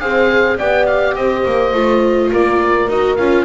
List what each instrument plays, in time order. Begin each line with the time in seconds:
0.00 double bass C4, viola G#4, horn C5, oboe F5
0.57 double bass B3, viola G4, horn D5, oboe G5
0.86 oboe F5
1.15 double bass C4, horn C5, oboe D#5
1.46 double bass A#3
1.73 double bass A3, viola F4
2.32 double bass A#3, horn A#4, oboe D5
2.88 double bass D#4, viola F#4, oboe D#5
3.16 double bass C#4, viola F4, oboe F5